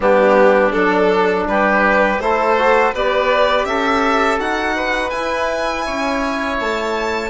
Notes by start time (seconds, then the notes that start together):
0.00 G3 B3 D4 G4
0.71 F#3 D4 A4
1.47 G3 G4 B4
2.19 A3 E4 A4 C5
2.57 F#4
2.94 B3 G4 B4 D5
3.65 C#4 A4 E5
4.39 D#4 F#4 F#5
4.75 B4
5.09 E4 G#5
5.85 C#4 C#5
6.59 A3 A5